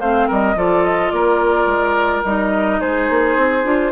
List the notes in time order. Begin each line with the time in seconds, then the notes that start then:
0.00 A3 C4 C5 F5
0.27 G3 A#4 D#5
0.55 F3 F4 A4 D5
0.84 D#5
1.10 A#3 A#4 D5
1.66 G#3
2.25 G3 D#4 D#5
2.80 G#3 G#4 C5
3.09 A#3
3.36 C4
3.64 D4 F4